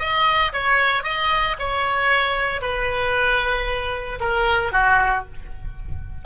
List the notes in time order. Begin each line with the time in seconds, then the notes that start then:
0.00 D#5
0.54 C#5
1.04 D#5
1.59 C#5
2.62 B4
4.21 A#4
4.73 F#4